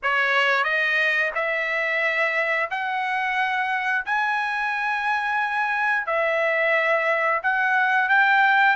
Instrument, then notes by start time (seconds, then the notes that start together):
trumpet
0.02 C#5
0.63 D#5
1.35 E5
2.70 F#5
4.05 G#5
6.06 E5
7.42 F#5
8.08 G5